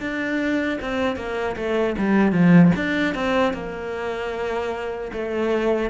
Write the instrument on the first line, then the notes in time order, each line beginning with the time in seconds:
cello
0.00 D4
0.81 C4
1.16 A#3
1.56 A3
1.98 G3
2.32 F3
2.76 D4
3.15 C4
3.53 A#3
5.12 A3